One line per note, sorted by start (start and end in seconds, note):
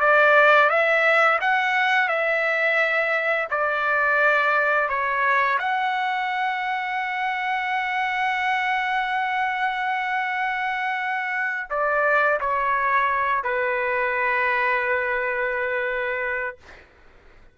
0.00 0.69 D5
0.69 1.39 E5
1.41 2.09 F#5
2.09 3.48 E5
3.50 4.89 D5
4.89 5.58 C#5
5.59 11.69 F#5
11.70 12.40 D5
12.40 13.44 C#5
13.44 16.58 B4